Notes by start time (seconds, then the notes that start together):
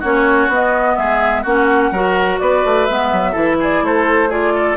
0.00 A#3 C#4 F#4 C#5
0.48 B3 D#5
0.96 G#3 G#4 E5
1.43 A#3 C#4 F#4 F#5
1.92 F#3 F#4 A#4
2.39 B3 B4 D5
2.65 A3
2.86 G#3 B3 E5
3.12 F#3
3.32 E3 E4 A4
3.60 G#4 D5
3.82 A3 A4 C5
4.29 F4 G#4 D5
4.55 A4